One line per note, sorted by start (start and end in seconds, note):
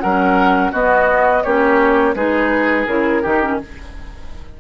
0.00 0.73 F#3
0.00 0.73 C#4
0.00 0.72 A#4
0.00 0.71 F#5
0.72 1.44 B3
0.72 1.43 F#4
0.72 1.43 D#5
1.43 2.15 A#3
1.43 2.15 C#4
1.43 2.15 G4
1.43 2.14 C#5
2.15 2.86 G#3
2.15 2.87 D#4
2.15 3.22 G#4
2.15 2.86 B4
2.86 3.23 C#3
2.86 3.23 E4
2.86 3.58 A#4
3.22 3.60 D#3
3.22 3.42 D#4
3.22 3.58 G4
3.42 3.60 C#4